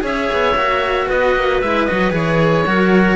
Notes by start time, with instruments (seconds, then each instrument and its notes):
0.00 cello C#4 G#4, clarinet C#5, oboe E5
0.32 cello B3
0.54 cello A#3 F#4
1.07 cello B3, clarinet B4, oboe D#5
1.35 cello A#3
1.61 cello G#3 E4, oboe E5
1.85 cello F#4, oboe D#5
1.91 cello F#3
2.11 cello E3 G#4, oboe C#5
2.66 cello F#3 F#4, clarinet A#4